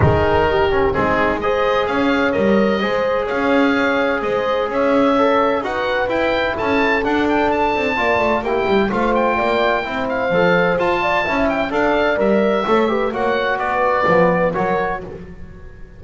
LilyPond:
<<
  \new Staff \with { instrumentName = "oboe" } { \time 4/4 \tempo 4 = 128 ais'2 gis'4 dis''4 | f''4 dis''2 f''4~ | f''4 dis''4 e''2 | fis''4 g''4 a''4 fis''8 g''8 |
a''2 g''4 f''8 g''8~ | g''4. f''4. a''4~ | a''8 g''8 f''4 e''2 | fis''4 d''2 cis''4 | }
  \new Staff \with { instrumentName = "horn" } { \time 4/4 gis'4 g'4 dis'4 c''4 | cis''2 c''4 cis''4~ | cis''4 c''4 cis''2 | b'2 a'2~ |
a'4 d''4 g'4 c''4 | d''4 c''2~ c''8 d''8 | e''4 d''2 cis''8 b'8 | cis''4 b'2 ais'4 | }
  \new Staff \with { instrumentName = "trombone" } { \time 4/4 dis'4. cis'8 c'4 gis'4~ | gis'4 ais'4 gis'2~ | gis'2. a'4 | fis'4 e'2 d'4~ |
d'4 f'4 e'4 f'4~ | f'4 e'4 a'4 f'4 | e'4 a'4 ais'4 a'8 g'8 | fis'2 b4 fis'4 | }
  \new Staff \with { instrumentName = "double bass" } { \time 4/4 dis2 gis2 | cis'4 g4 gis4 cis'4~ | cis'4 gis4 cis'2 | dis'4 e'4 cis'4 d'4~ |
d'8 c'8 ais8 a8 ais8 g8 a4 | ais4 c'4 f4 f'4 | cis'4 d'4 g4 a4 | ais4 b4 f4 fis4 | }
>>